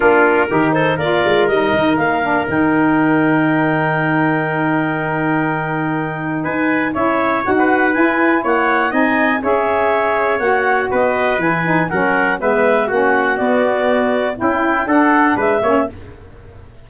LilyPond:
<<
  \new Staff \with { instrumentName = "clarinet" } { \time 4/4 \tempo 4 = 121 ais'4. c''8 d''4 dis''4 | f''4 g''2.~ | g''1~ | g''4 gis''4 e''4 fis''4 |
gis''4 fis''4 gis''4 e''4~ | e''4 fis''4 dis''4 gis''4 | fis''4 e''4 fis''4 d''4~ | d''4 g''4 fis''4 e''4 | }
  \new Staff \with { instrumentName = "trumpet" } { \time 4/4 f'4 g'8 a'8 ais'2~ | ais'1~ | ais'1~ | ais'4 b'4 cis''4~ cis''16 b'8.~ |
b'4 cis''4 dis''4 cis''4~ | cis''2 b'2 | ais'4 b'4 fis'2~ | fis'4 e'4 a'4 b'8 cis''8 | }
  \new Staff \with { instrumentName = "saxophone" } { \time 4/4 d'4 dis'4 f'4 dis'4~ | dis'8 d'8 dis'2.~ | dis'1~ | dis'2 e'4 fis'4 |
e'2 dis'4 gis'4~ | gis'4 fis'2 e'8 dis'8 | cis'4 b4 cis'4 b4~ | b4 e'4 d'4. cis'8 | }
  \new Staff \with { instrumentName = "tuba" } { \time 4/4 ais4 dis4 ais8 gis8 g8 dis8 | ais4 dis2.~ | dis1~ | dis4 dis'4 cis'4 dis'4 |
e'4 ais4 c'4 cis'4~ | cis'4 ais4 b4 e4 | fis4 gis4 ais4 b4~ | b4 cis'4 d'4 gis8 ais8 | }
>>